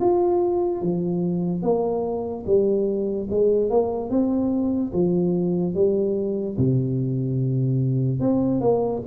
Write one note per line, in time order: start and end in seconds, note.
0.00 0.81 F4
0.81 1.62 F3
1.62 2.44 A#3
2.45 3.28 G3
3.30 3.69 G#3
3.69 4.10 A#3
4.10 4.92 C4
4.92 5.74 F3
5.74 6.56 G3
6.57 8.20 C3
8.20 8.60 C4
8.60 9.01 A#3